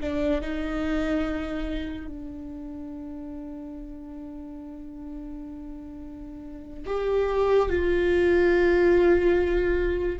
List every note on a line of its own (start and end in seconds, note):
0.00 0.41 D4
0.41 2.07 D#4
2.07 6.86 D4
6.86 7.69 G4
7.69 10.19 F4